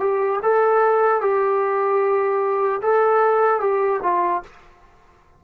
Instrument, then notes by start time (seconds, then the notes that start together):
trombone
0.00 G4
0.43 A4
1.21 G4
2.82 A4
3.60 G4
4.03 F4